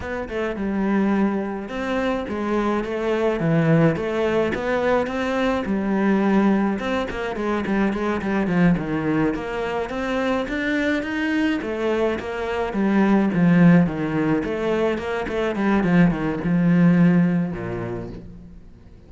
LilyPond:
\new Staff \with { instrumentName = "cello" } { \time 4/4 \tempo 4 = 106 b8 a8 g2 c'4 | gis4 a4 e4 a4 | b4 c'4 g2 | c'8 ais8 gis8 g8 gis8 g8 f8 dis8~ |
dis8 ais4 c'4 d'4 dis'8~ | dis'8 a4 ais4 g4 f8~ | f8 dis4 a4 ais8 a8 g8 | f8 dis8 f2 ais,4 | }